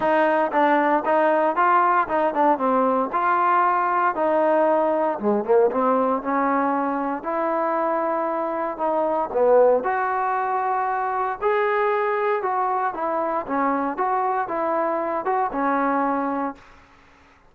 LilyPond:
\new Staff \with { instrumentName = "trombone" } { \time 4/4 \tempo 4 = 116 dis'4 d'4 dis'4 f'4 | dis'8 d'8 c'4 f'2 | dis'2 gis8 ais8 c'4 | cis'2 e'2~ |
e'4 dis'4 b4 fis'4~ | fis'2 gis'2 | fis'4 e'4 cis'4 fis'4 | e'4. fis'8 cis'2 | }